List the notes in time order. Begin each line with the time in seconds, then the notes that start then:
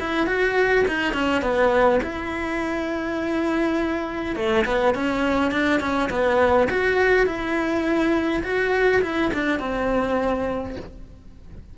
0.00 E4
0.27 F#4
0.88 D#4
1.13 C#4
1.42 B3
2.03 E4
4.36 A3
4.65 B3
4.95 C#4
5.52 D4
5.80 C#4
6.10 B3
6.70 F#4
7.26 E4
8.44 F#4
9.02 E4
9.34 D4
9.60 C4